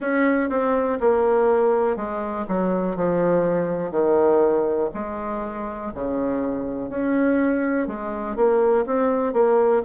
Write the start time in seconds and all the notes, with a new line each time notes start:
0.00 C#4
0.49 C4
1.00 A#3
1.96 G#3
2.48 F#3
2.96 F3
3.91 D#3
4.94 G#3
5.94 C#3
6.89 C#4
7.87 G#3
8.36 A#3
8.86 C4
9.33 A#3